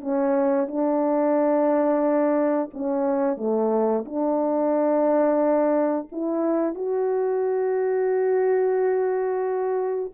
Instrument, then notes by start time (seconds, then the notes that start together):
horn
0.00 C#4
0.67 D4
2.73 C#4
3.37 A3
4.05 D4
6.11 E4
6.74 F#4